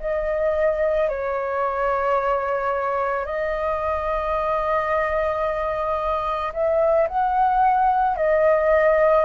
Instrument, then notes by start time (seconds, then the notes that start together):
flute
0.00 D#5
1.09 C#5
3.26 D#5
6.54 E5
7.09 F#5
8.17 D#5